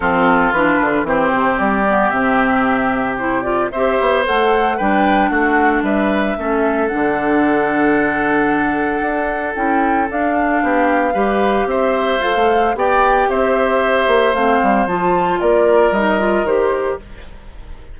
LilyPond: <<
  \new Staff \with { instrumentName = "flute" } { \time 4/4 \tempo 4 = 113 a'4 b'4 c''4 d''4 | e''2 c''8 d''8 e''4 | fis''4 g''4 fis''4 e''4~ | e''4 fis''2.~ |
fis''2 g''4 f''4~ | f''2 e''4 f''4 | g''4 e''2 f''4 | a''4 d''4 dis''4 c''4 | }
  \new Staff \with { instrumentName = "oboe" } { \time 4/4 f'2 g'2~ | g'2. c''4~ | c''4 b'4 fis'4 b'4 | a'1~ |
a'1 | g'4 b'4 c''2 | d''4 c''2.~ | c''4 ais'2. | }
  \new Staff \with { instrumentName = "clarinet" } { \time 4/4 c'4 d'4 c'4. b8 | c'2 e'8 f'8 g'4 | a'4 d'2. | cis'4 d'2.~ |
d'2 e'4 d'4~ | d'4 g'2 a'4 | g'2. c'4 | f'2 dis'8 f'8 g'4 | }
  \new Staff \with { instrumentName = "bassoon" } { \time 4/4 f4 e8 d8 e8 c8 g4 | c2. c'8 b8 | a4 g4 a4 g4 | a4 d2.~ |
d4 d'4 cis'4 d'4 | b4 g4 c'4 f'16 a8. | b4 c'4. ais8 a8 g8 | f4 ais4 g4 dis4 | }
>>